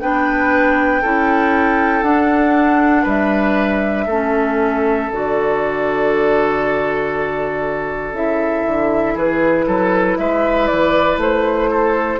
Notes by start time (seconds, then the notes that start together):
0.00 B3 D4 B4 G5
1.02 C#4 E4 A4
2.03 D4 F#5
3.03 G3 B4 E5
4.07 A3 C#4 A4
5.11 D3 F#4 D5
8.12 C#3 E4 E5
8.67 D3
9.14 E3 G#4 B4
9.67 F#3 A4
10.18 G#3 B4 E5
10.67 E3 D5
11.17 A3 C5
11.71 A4